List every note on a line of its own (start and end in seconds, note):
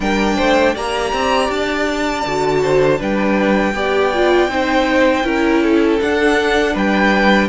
0.00 0.37 G3
0.00 0.75 D4
0.00 0.36 A#4
0.00 0.75 G5
0.36 0.75 A3
0.36 0.73 C5
0.73 1.12 A#3
0.73 2.25 G4
0.73 2.61 D5
0.73 1.50 A#5
1.12 1.49 C4
1.49 2.24 D4
1.49 3.00 A5
2.26 3.00 D3
2.26 2.97 F#4
2.62 2.99 C5
2.97 3.73 G3
2.97 3.72 D4
2.97 3.74 B4
2.97 6.00 G5
3.73 4.48 B3
3.73 4.12 G4
3.73 4.50 D5
4.13 4.49 F4
4.48 5.23 C4
4.48 5.23 D#4
4.48 5.25 C5
5.23 5.99 C#4
5.23 5.98 E4
5.23 5.62 A#4
5.62 6.73 A4
6.00 7.48 D4
6.00 6.75 D4
6.00 6.75 F#5
6.73 7.48 G3
6.73 7.48 B4
6.73 7.48 G5